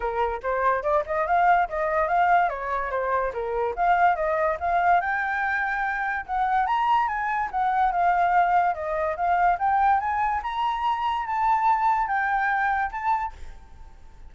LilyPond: \new Staff \with { instrumentName = "flute" } { \time 4/4 \tempo 4 = 144 ais'4 c''4 d''8 dis''8 f''4 | dis''4 f''4 cis''4 c''4 | ais'4 f''4 dis''4 f''4 | g''2. fis''4 |
ais''4 gis''4 fis''4 f''4~ | f''4 dis''4 f''4 g''4 | gis''4 ais''2 a''4~ | a''4 g''2 a''4 | }